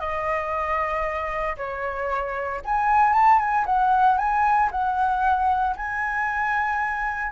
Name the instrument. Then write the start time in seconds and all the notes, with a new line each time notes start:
flute
0.00 D#5
1.57 C#5
2.65 G#5
3.13 A5
3.39 G#5
3.66 F#5
4.18 G#5
4.72 F#5
5.77 G#5